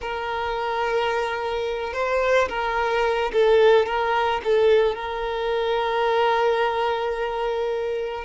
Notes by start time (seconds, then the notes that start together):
0.01 A#4
1.93 C5
2.48 A#4
3.32 A4
3.86 A#4
4.43 A4
4.95 A#4